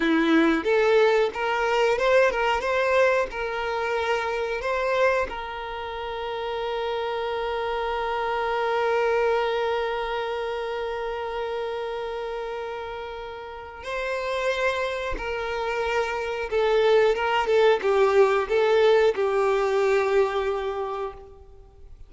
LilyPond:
\new Staff \with { instrumentName = "violin" } { \time 4/4 \tempo 4 = 91 e'4 a'4 ais'4 c''8 ais'8 | c''4 ais'2 c''4 | ais'1~ | ais'1~ |
ais'1~ | ais'4 c''2 ais'4~ | ais'4 a'4 ais'8 a'8 g'4 | a'4 g'2. | }